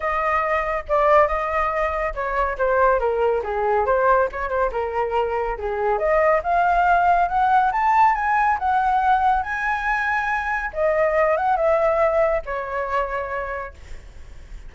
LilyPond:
\new Staff \with { instrumentName = "flute" } { \time 4/4 \tempo 4 = 140 dis''2 d''4 dis''4~ | dis''4 cis''4 c''4 ais'4 | gis'4 c''4 cis''8 c''8 ais'4~ | ais'4 gis'4 dis''4 f''4~ |
f''4 fis''4 a''4 gis''4 | fis''2 gis''2~ | gis''4 dis''4. fis''8 e''4~ | e''4 cis''2. | }